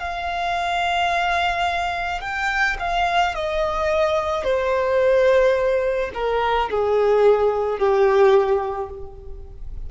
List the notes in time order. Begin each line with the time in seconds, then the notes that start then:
0.00 F5
2.21 G5
2.79 F5
3.35 D#5
4.44 C5
6.15 A#4
6.71 G#4
7.79 G4